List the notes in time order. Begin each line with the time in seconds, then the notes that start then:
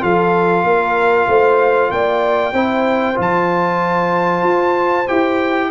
0.00 F3 F4 A4 F5
0.64 A#3 A#4
1.27 A3 C5
1.91 A#3 D5 G5
2.53 C4 E4 C5
3.15 F3 F4
3.21 A5
4.43 F4
5.08 E4 G4 G5